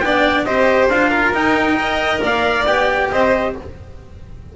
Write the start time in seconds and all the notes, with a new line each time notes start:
0.00 B3 D4 D5 G5
0.45 C4 G4 C5 D#5
0.90 D4 F4 F5
1.10 A#4
1.33 D#4 G5
1.78 A#4 D#5
2.23 A#3 D5 F5
2.66 B3 G4 G5
3.12 C4 C5 D#5